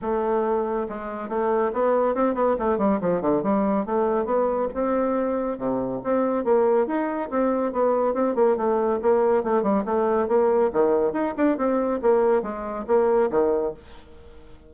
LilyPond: \new Staff \with { instrumentName = "bassoon" } { \time 4/4 \tempo 4 = 140 a2 gis4 a4 | b4 c'8 b8 a8 g8 f8 d8 | g4 a4 b4 c'4~ | c'4 c4 c'4 ais4 |
dis'4 c'4 b4 c'8 ais8 | a4 ais4 a8 g8 a4 | ais4 dis4 dis'8 d'8 c'4 | ais4 gis4 ais4 dis4 | }